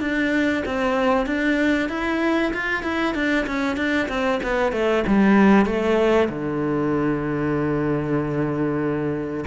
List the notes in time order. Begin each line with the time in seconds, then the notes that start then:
0.00 D4
0.65 C4
1.26 D4
1.89 E4
2.53 F4
2.83 E4
3.15 D4
3.47 C#4
3.77 D4
4.09 C4
4.43 B3
4.72 A3
5.07 G3
5.66 A3
6.29 D3